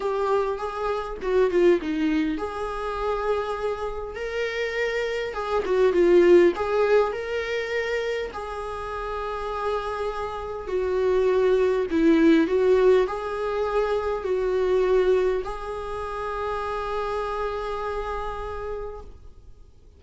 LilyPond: \new Staff \with { instrumentName = "viola" } { \time 4/4 \tempo 4 = 101 g'4 gis'4 fis'8 f'8 dis'4 | gis'2. ais'4~ | ais'4 gis'8 fis'8 f'4 gis'4 | ais'2 gis'2~ |
gis'2 fis'2 | e'4 fis'4 gis'2 | fis'2 gis'2~ | gis'1 | }